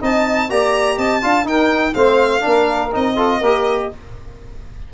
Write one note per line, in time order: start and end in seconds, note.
0.00 0.50 C4
0.00 0.49 D#4
0.00 0.49 D#5
0.00 0.50 A5
0.49 0.97 A#3
0.49 1.22 G4
0.49 0.97 D5
0.49 0.98 A#5
0.97 1.22 C4
0.97 1.21 D#5
0.97 1.47 A5
1.21 1.44 D4
1.21 1.44 F4
1.21 1.46 F5
1.44 1.92 D#4
1.44 1.93 D#4
1.44 1.94 A#4
1.44 1.93 G5
1.93 2.43 A3
1.93 2.40 C4
1.93 2.42 C5
1.93 2.91 F5
2.40 2.94 A#3
2.40 2.89 D4
2.40 3.14 A#4
2.92 3.41 C4
2.92 3.16 D#4
2.92 3.93 D#5
3.14 3.40 F4
3.14 3.39 A4
3.40 3.90 A#3
3.40 3.92 G4
3.40 3.88 A#4